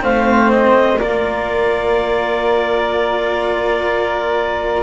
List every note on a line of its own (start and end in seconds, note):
0.00 1.00 A3
0.00 0.97 C4
0.00 0.98 C5
0.00 0.51 F5
0.51 0.98 D#5
0.98 4.83 A#3
0.98 4.83 F4
0.98 4.83 A#4
0.98 4.83 D5